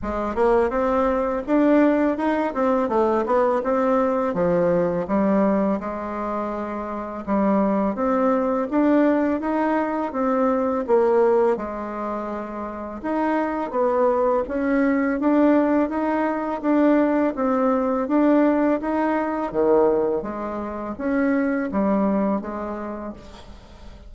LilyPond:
\new Staff \with { instrumentName = "bassoon" } { \time 4/4 \tempo 4 = 83 gis8 ais8 c'4 d'4 dis'8 c'8 | a8 b8 c'4 f4 g4 | gis2 g4 c'4 | d'4 dis'4 c'4 ais4 |
gis2 dis'4 b4 | cis'4 d'4 dis'4 d'4 | c'4 d'4 dis'4 dis4 | gis4 cis'4 g4 gis4 | }